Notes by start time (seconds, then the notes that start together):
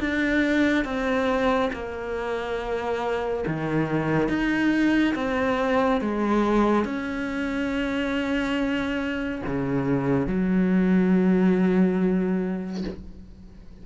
0.00 D4
0.85 C4
1.73 A#3
3.47 D#3
4.29 D#4
5.15 C4
6.01 G#3
6.85 C#4
9.47 C#3
10.27 F#3